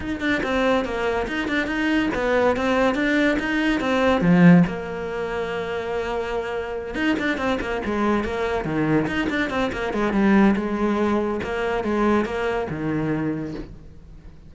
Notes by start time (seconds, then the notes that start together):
0.00 D#4
0.20 D4
0.43 C4
0.84 A#3
1.27 D#4
1.48 D4
1.67 D#4
2.14 B3
2.56 C4
2.94 D4
3.39 D#4
3.80 C4
4.21 F3
4.67 A#3
6.94 D#4
7.19 D4
7.37 C4
7.60 A#3
7.85 G#3
8.23 A#3
8.64 D#3
9.07 D#4
9.29 D4
9.50 C4
9.72 A#3
9.93 G#3
10.13 G3
10.56 G#3
11.43 A#3
11.84 G#3
12.25 A#3
12.70 D#3